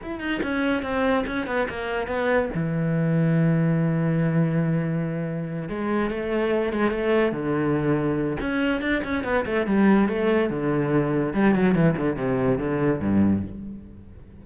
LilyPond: \new Staff \with { instrumentName = "cello" } { \time 4/4 \tempo 4 = 143 e'8 dis'8 cis'4 c'4 cis'8 b8 | ais4 b4 e2~ | e1~ | e4. gis4 a4. |
gis8 a4 d2~ d8 | cis'4 d'8 cis'8 b8 a8 g4 | a4 d2 g8 fis8 | e8 d8 c4 d4 g,4 | }